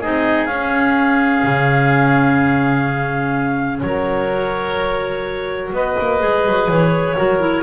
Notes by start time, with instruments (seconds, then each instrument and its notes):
0.00 double bass C4, clarinet D#4 D#5, oboe G#4
0.46 double bass C#4, clarinet C#4 F5
1.44 double bass C#3
3.80 double bass F#3, clarinet C#5
3.86 oboe A#4
4.30 clarinet F#4
5.73 double bass B3, oboe B4, clarinet D#5
6.00 double bass A#3
6.20 double bass G#3, clarinet G#4
6.46 double bass F#3
6.68 double bass E3, clarinet C#5
7.17 double bass F#3, clarinet F#4, oboe A#4
7.40 clarinet E4